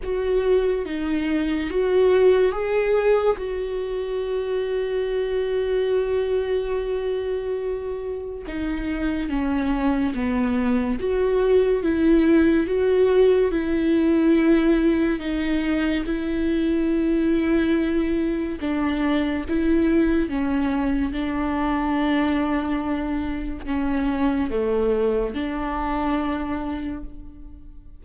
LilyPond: \new Staff \with { instrumentName = "viola" } { \time 4/4 \tempo 4 = 71 fis'4 dis'4 fis'4 gis'4 | fis'1~ | fis'2 dis'4 cis'4 | b4 fis'4 e'4 fis'4 |
e'2 dis'4 e'4~ | e'2 d'4 e'4 | cis'4 d'2. | cis'4 a4 d'2 | }